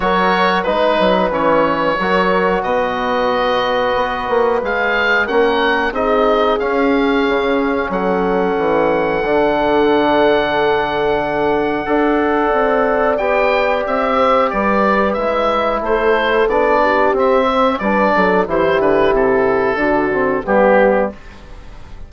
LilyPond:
<<
  \new Staff \with { instrumentName = "oboe" } { \time 4/4 \tempo 4 = 91 cis''4 b'4 cis''2 | dis''2. f''4 | fis''4 dis''4 f''2 | fis''1~ |
fis''1 | g''4 e''4 d''4 e''4 | c''4 d''4 e''4 d''4 | c''8 b'8 a'2 g'4 | }
  \new Staff \with { instrumentName = "horn" } { \time 4/4 ais'4 b'2 ais'4 | b'1 | ais'4 gis'2. | a'1~ |
a'2 d''2~ | d''4. c''8 b'2 | a'4. g'4 c''8 b'8 a'8 | g'2 fis'4 g'4 | }
  \new Staff \with { instrumentName = "trombone" } { \time 4/4 fis'4 dis'4 cis'4 fis'4~ | fis'2. gis'4 | cis'4 dis'4 cis'2~ | cis'2 d'2~ |
d'2 a'2 | g'2. e'4~ | e'4 d'4 c'4 d'4 | e'2 d'8 c'8 b4 | }
  \new Staff \with { instrumentName = "bassoon" } { \time 4/4 fis4 gis8 fis8 e4 fis4 | b,2 b8 ais8 gis4 | ais4 c'4 cis'4 cis4 | fis4 e4 d2~ |
d2 d'4 c'4 | b4 c'4 g4 gis4 | a4 b4 c'4 g8 fis8 | e8 d8 c4 d4 g4 | }
>>